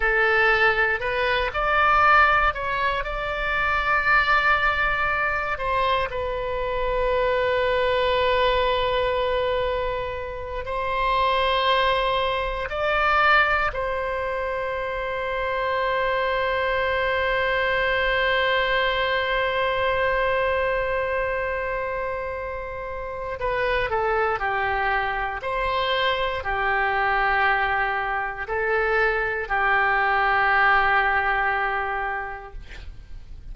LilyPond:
\new Staff \with { instrumentName = "oboe" } { \time 4/4 \tempo 4 = 59 a'4 b'8 d''4 cis''8 d''4~ | d''4. c''8 b'2~ | b'2~ b'8 c''4.~ | c''8 d''4 c''2~ c''8~ |
c''1~ | c''2. b'8 a'8 | g'4 c''4 g'2 | a'4 g'2. | }